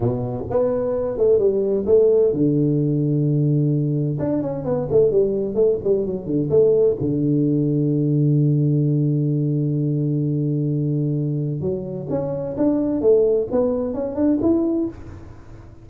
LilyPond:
\new Staff \with { instrumentName = "tuba" } { \time 4/4 \tempo 4 = 129 b,4 b4. a8 g4 | a4 d2.~ | d4 d'8 cis'8 b8 a8 g4 | a8 g8 fis8 d8 a4 d4~ |
d1~ | d1~ | d4 fis4 cis'4 d'4 | a4 b4 cis'8 d'8 e'4 | }